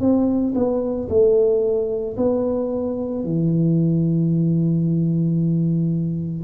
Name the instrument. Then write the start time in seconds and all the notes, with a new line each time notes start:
tuba
0.00 C4
0.55 B3
1.09 A3
2.17 B3
3.24 E3